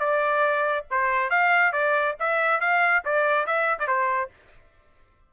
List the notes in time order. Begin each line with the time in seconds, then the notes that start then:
0.00 D5
0.90 C5
1.30 F5
1.73 D5
2.20 E5
2.61 F5
3.05 D5
3.47 E5
3.79 D5
3.88 C5